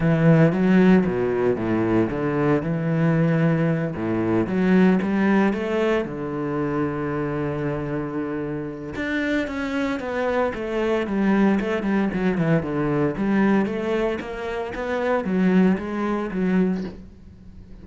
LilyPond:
\new Staff \with { instrumentName = "cello" } { \time 4/4 \tempo 4 = 114 e4 fis4 b,4 a,4 | d4 e2~ e8 a,8~ | a,8 fis4 g4 a4 d8~ | d1~ |
d4 d'4 cis'4 b4 | a4 g4 a8 g8 fis8 e8 | d4 g4 a4 ais4 | b4 fis4 gis4 fis4 | }